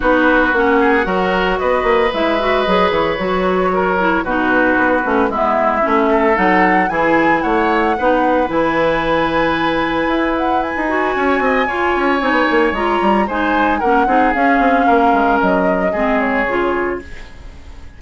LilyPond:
<<
  \new Staff \with { instrumentName = "flute" } { \time 4/4 \tempo 4 = 113 b'4 fis''2 dis''4 | e''4 dis''8 cis''2~ cis''8 | b'2 e''2 | fis''4 gis''4 fis''2 |
gis''2.~ gis''8 fis''8 | gis''1 | ais''4 gis''4 fis''4 f''4~ | f''4 dis''4. cis''4. | }
  \new Staff \with { instrumentName = "oboe" } { \time 4/4 fis'4. gis'8 ais'4 b'4~ | b'2. ais'4 | fis'2 e'4. a'8~ | a'4 gis'4 cis''4 b'4~ |
b'1~ | b'4 cis''8 dis''8 cis''2~ | cis''4 c''4 ais'8 gis'4. | ais'2 gis'2 | }
  \new Staff \with { instrumentName = "clarinet" } { \time 4/4 dis'4 cis'4 fis'2 | e'8 fis'8 gis'4 fis'4. e'8 | dis'4. cis'8 b4 cis'4 | dis'4 e'2 dis'4 |
e'1~ | e'8 fis'4. f'4 dis'4 | f'4 dis'4 cis'8 dis'8 cis'4~ | cis'2 c'4 f'4 | }
  \new Staff \with { instrumentName = "bassoon" } { \time 4/4 b4 ais4 fis4 b8 ais8 | gis4 fis8 e8 fis2 | b,4 b8 a8 gis4 a4 | fis4 e4 a4 b4 |
e2. e'4~ | e'16 dis'8. cis'8 c'8 f'8 cis'8 c'16 b16 ais8 | gis8 g8 gis4 ais8 c'8 cis'8 c'8 | ais8 gis8 fis4 gis4 cis4 | }
>>